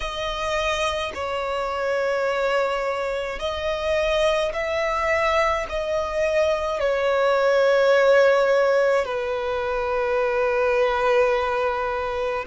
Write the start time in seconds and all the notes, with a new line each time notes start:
0.00 D#5
1.14 C#5
3.39 D#5
4.53 E5
5.69 D#5
6.80 C#5
9.05 B4